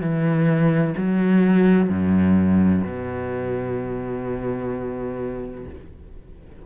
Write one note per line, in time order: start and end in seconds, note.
0.00 0.94 E3
0.96 1.89 F#3
1.89 2.83 F#2
2.84 5.65 B2